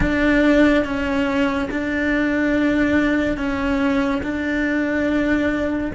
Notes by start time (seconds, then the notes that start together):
0.00 D4
0.84 C#4
1.70 D4
3.37 C#4
4.22 D4